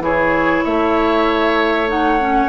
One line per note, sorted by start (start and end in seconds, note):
0.00 0.62 E3
0.00 1.88 E4
0.00 0.64 G#4
0.00 0.64 C#5
0.64 2.49 A3
0.64 2.49 C#5
0.64 1.89 E5
1.88 2.19 D#4
1.88 2.49 F#5
2.20 2.49 C#4